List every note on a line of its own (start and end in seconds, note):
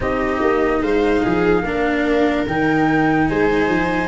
0.00 0.41 C4
0.00 1.63 D#4
0.00 0.82 G4
0.00 0.82 D#5
0.41 0.82 A#3
0.82 1.23 G#3
0.82 1.22 C5
0.82 2.46 F5
1.22 1.62 F3
1.22 1.64 G#4
1.62 2.44 A#3
1.62 2.47 D4
1.62 3.30 A#4
2.47 3.29 D#3
2.47 4.08 D#4
2.47 3.28 G5
3.28 3.68 G#3
3.28 4.08 C5
3.28 4.08 G#5
3.68 4.08 F3